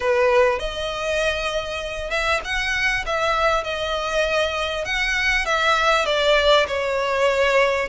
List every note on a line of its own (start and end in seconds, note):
0.00 0.59 B4
0.59 2.10 D#5
2.10 2.40 E5
2.44 3.05 F#5
3.06 3.63 E5
3.63 4.85 D#5
4.85 5.45 F#5
5.45 6.05 E5
6.05 6.66 D5
6.67 7.88 C#5